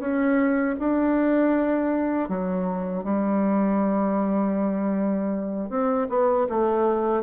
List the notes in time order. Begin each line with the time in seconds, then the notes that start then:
0.00 C#4
0.79 D4
2.29 F#3
3.04 G3
5.70 C4
6.09 B3
6.50 A3